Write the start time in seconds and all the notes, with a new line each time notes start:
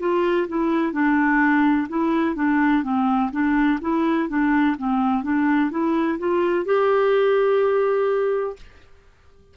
0.00 F4
0.48 E4
0.93 D4
1.89 E4
2.35 D4
2.83 C4
3.32 D4
3.81 E4
4.29 D4
4.78 C4
5.23 D4
5.71 E4
6.19 F4
6.66 G4